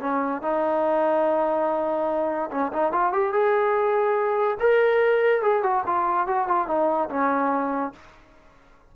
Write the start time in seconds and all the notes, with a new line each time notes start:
0.00 C#4
0.42 D#4
2.51 C#4
2.73 D#4
2.92 F4
3.12 G4
3.33 G#4
4.60 A#4
5.42 G#4
5.63 F#4
5.86 F4
6.27 F#4
6.48 F4
6.67 D#4
7.09 C#4